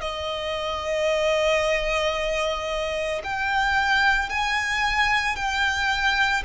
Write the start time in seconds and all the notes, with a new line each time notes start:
0.00 D#5
3.24 G5
4.29 G#5
5.36 G5